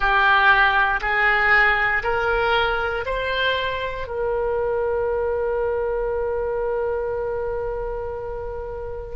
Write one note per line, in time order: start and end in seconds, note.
0.00 1.00 G4
1.01 2.02 G#4
2.03 3.05 A#4
3.05 4.07 C5
4.07 9.15 A#4